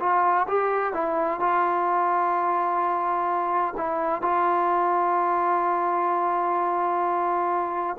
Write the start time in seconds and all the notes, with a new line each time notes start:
0.00 F4
0.48 G4
0.94 E4
1.40 F4
3.78 E4
4.22 F4